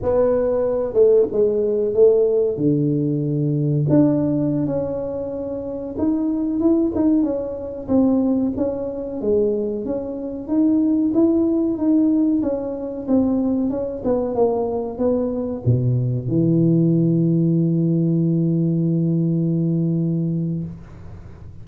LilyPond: \new Staff \with { instrumentName = "tuba" } { \time 4/4 \tempo 4 = 93 b4. a8 gis4 a4 | d2 d'4~ d'16 cis'8.~ | cis'4~ cis'16 dis'4 e'8 dis'8 cis'8.~ | cis'16 c'4 cis'4 gis4 cis'8.~ |
cis'16 dis'4 e'4 dis'4 cis'8.~ | cis'16 c'4 cis'8 b8 ais4 b8.~ | b16 b,4 e2~ e8.~ | e1 | }